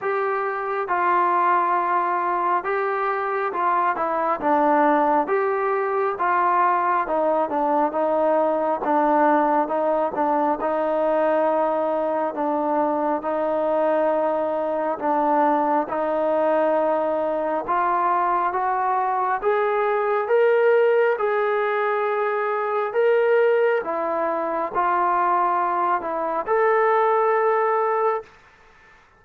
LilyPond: \new Staff \with { instrumentName = "trombone" } { \time 4/4 \tempo 4 = 68 g'4 f'2 g'4 | f'8 e'8 d'4 g'4 f'4 | dis'8 d'8 dis'4 d'4 dis'8 d'8 | dis'2 d'4 dis'4~ |
dis'4 d'4 dis'2 | f'4 fis'4 gis'4 ais'4 | gis'2 ais'4 e'4 | f'4. e'8 a'2 | }